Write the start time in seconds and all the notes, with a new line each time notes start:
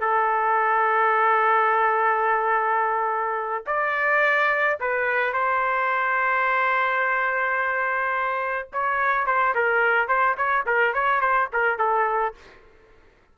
0.00 A4
3.66 D5
4.80 B4
5.33 C5
8.72 C#5
9.26 C5
9.54 A#4
10.08 C5
10.37 C#5
10.65 A#4
10.93 C#5
11.20 C5
11.53 A#4
11.78 A4